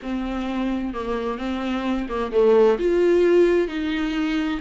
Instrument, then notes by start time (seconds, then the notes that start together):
viola
0.02 C4
0.93 A#3
1.37 C4
2.08 A#3
2.32 A3
2.78 F4
3.67 D#4